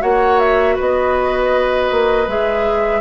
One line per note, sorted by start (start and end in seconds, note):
0.00 0.78 A#3
0.00 2.25 F#4
0.00 0.75 C#5
0.00 0.39 F#5
0.39 0.77 E5
0.75 1.91 B3
0.75 3.00 B4
0.75 2.29 D#5
1.91 2.27 A#3
2.27 3.01 G#3
2.27 3.01 G#4
2.27 3.01 E5